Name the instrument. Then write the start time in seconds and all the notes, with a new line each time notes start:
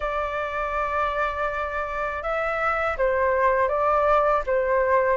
flute
0.00 D5
2.22 E5
2.97 C5
3.68 D5
4.46 C5